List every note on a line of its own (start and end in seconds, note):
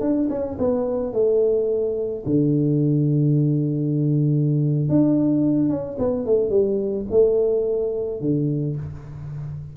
0.00 0.28 D4
0.29 0.57 C#4
0.58 1.13 B3
1.13 2.24 A3
2.26 4.88 D3
4.88 5.69 D4
5.69 5.97 C#4
5.98 6.25 B3
6.25 6.49 A3
6.49 7.05 G3
7.10 8.20 A3
8.20 8.76 D3